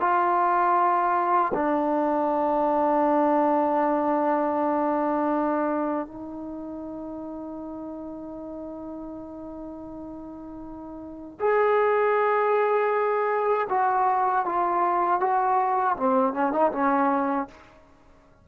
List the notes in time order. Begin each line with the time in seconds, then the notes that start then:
0.00 F4
1.54 D4
6.07 D#4
11.40 G#4
13.69 F#4
14.45 F4
15.20 F#4
15.96 C4
16.33 C#4
16.52 D#4
16.72 C#4